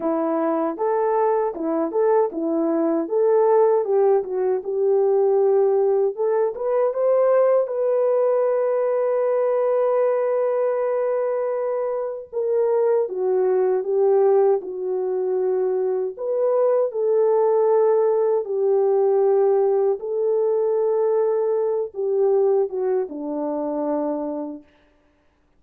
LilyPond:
\new Staff \with { instrumentName = "horn" } { \time 4/4 \tempo 4 = 78 e'4 a'4 e'8 a'8 e'4 | a'4 g'8 fis'8 g'2 | a'8 b'8 c''4 b'2~ | b'1 |
ais'4 fis'4 g'4 fis'4~ | fis'4 b'4 a'2 | g'2 a'2~ | a'8 g'4 fis'8 d'2 | }